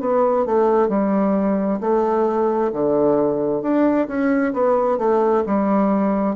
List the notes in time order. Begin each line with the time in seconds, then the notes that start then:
0.00 B3
0.46 A3
0.88 G3
1.81 A3
2.73 D3
3.62 D4
4.07 C#4
4.53 B3
4.98 A3
5.46 G3